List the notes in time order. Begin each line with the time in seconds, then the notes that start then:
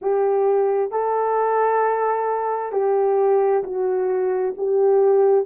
0.01 G4
0.91 A4
2.72 G4
3.63 F#4
4.57 G4